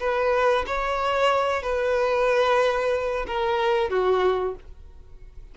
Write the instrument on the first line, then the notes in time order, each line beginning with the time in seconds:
violin
0.00 B4
0.67 C#5
1.63 B4
3.27 A#4
3.90 F#4